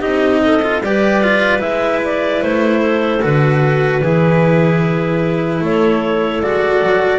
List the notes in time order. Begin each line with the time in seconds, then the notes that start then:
0.00 C4 D#4 G4 D#5
0.44 A4
0.62 F4
0.82 G3 G4 B4 D5
1.24 F4
1.59 G#3 E4 E5
2.04 D5
2.42 A3 C5
2.82 A4
3.22 D3 F#4 B4
4.02 E3 E4 G#4
5.61 A3 A4 C#5
6.42 G#3 F#4 D5
6.83 F#3